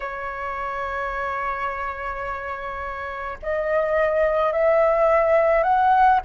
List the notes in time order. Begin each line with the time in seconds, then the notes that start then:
0.00 C#5
3.42 D#5
4.52 E5
5.63 F#5